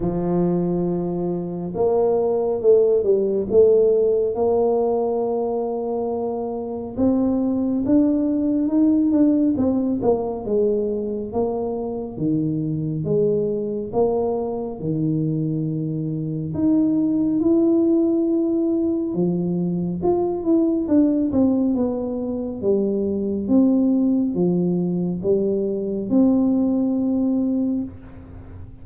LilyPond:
\new Staff \with { instrumentName = "tuba" } { \time 4/4 \tempo 4 = 69 f2 ais4 a8 g8 | a4 ais2. | c'4 d'4 dis'8 d'8 c'8 ais8 | gis4 ais4 dis4 gis4 |
ais4 dis2 dis'4 | e'2 f4 f'8 e'8 | d'8 c'8 b4 g4 c'4 | f4 g4 c'2 | }